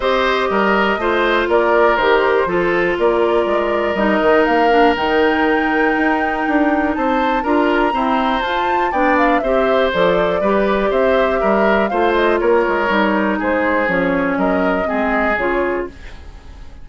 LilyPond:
<<
  \new Staff \with { instrumentName = "flute" } { \time 4/4 \tempo 4 = 121 dis''2. d''4 | c''2 d''2 | dis''4 f''4 g''2~ | g''2 a''4 ais''4~ |
ais''4 a''4 g''8 f''8 e''4 | d''2 e''2 | f''8 dis''8 cis''2 c''4 | cis''4 dis''2 cis''4 | }
  \new Staff \with { instrumentName = "oboe" } { \time 4/4 c''4 ais'4 c''4 ais'4~ | ais'4 a'4 ais'2~ | ais'1~ | ais'2 c''4 ais'4 |
c''2 d''4 c''4~ | c''4 b'4 c''4 ais'4 | c''4 ais'2 gis'4~ | gis'4 ais'4 gis'2 | }
  \new Staff \with { instrumentName = "clarinet" } { \time 4/4 g'2 f'2 | g'4 f'2. | dis'4. d'8 dis'2~ | dis'2. f'4 |
c'4 f'4 d'4 g'4 | a'4 g'2. | f'2 dis'2 | cis'2 c'4 f'4 | }
  \new Staff \with { instrumentName = "bassoon" } { \time 4/4 c'4 g4 a4 ais4 | dis4 f4 ais4 gis4 | g8 dis8 ais4 dis2 | dis'4 d'4 c'4 d'4 |
e'4 f'4 b4 c'4 | f4 g4 c'4 g4 | a4 ais8 gis8 g4 gis4 | f4 fis4 gis4 cis4 | }
>>